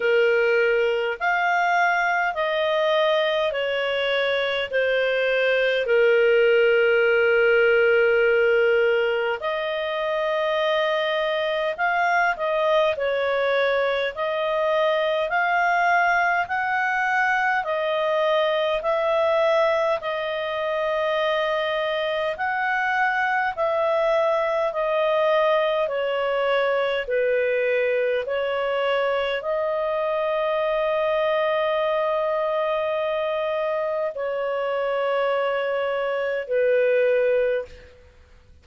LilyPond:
\new Staff \with { instrumentName = "clarinet" } { \time 4/4 \tempo 4 = 51 ais'4 f''4 dis''4 cis''4 | c''4 ais'2. | dis''2 f''8 dis''8 cis''4 | dis''4 f''4 fis''4 dis''4 |
e''4 dis''2 fis''4 | e''4 dis''4 cis''4 b'4 | cis''4 dis''2.~ | dis''4 cis''2 b'4 | }